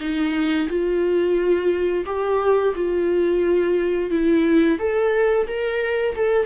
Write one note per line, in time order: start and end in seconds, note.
0.00 0.68 D#4
0.68 2.05 F4
2.05 2.74 G4
2.75 4.10 F4
4.10 4.79 E4
4.79 5.47 A4
5.47 6.15 A#4
6.16 6.46 A4